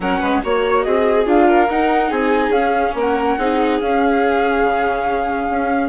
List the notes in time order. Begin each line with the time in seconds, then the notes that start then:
0.00 F#3 C#4 A#4 F#5
0.19 G#3 B4
0.43 A#3 F#4 C#5
0.82 C4 G#4 D#5
1.25 D4 F4 F5
1.47 A#4
1.69 D#4 F#5
2.09 C4 G#4 G#5
2.49 C#4 F5
2.94 A#3 A#4 F#5
3.38 C4 D#4 G#4
3.80 C#4 F5
4.63 C#3
5.50 C#4